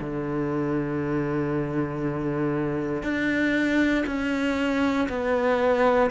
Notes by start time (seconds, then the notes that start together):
0.00 D3
3.02 D4
4.06 C#4
5.08 B3